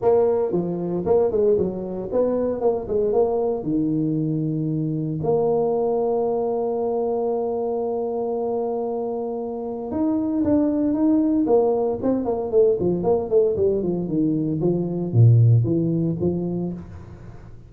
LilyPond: \new Staff \with { instrumentName = "tuba" } { \time 4/4 \tempo 4 = 115 ais4 f4 ais8 gis8 fis4 | b4 ais8 gis8 ais4 dis4~ | dis2 ais2~ | ais1~ |
ais2. dis'4 | d'4 dis'4 ais4 c'8 ais8 | a8 f8 ais8 a8 g8 f8 dis4 | f4 ais,4 e4 f4 | }